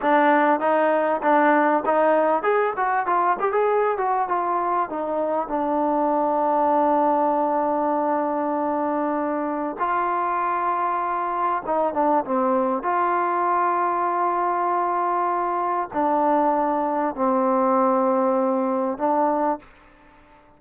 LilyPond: \new Staff \with { instrumentName = "trombone" } { \time 4/4 \tempo 4 = 98 d'4 dis'4 d'4 dis'4 | gis'8 fis'8 f'8 g'16 gis'8. fis'8 f'4 | dis'4 d'2.~ | d'1 |
f'2. dis'8 d'8 | c'4 f'2.~ | f'2 d'2 | c'2. d'4 | }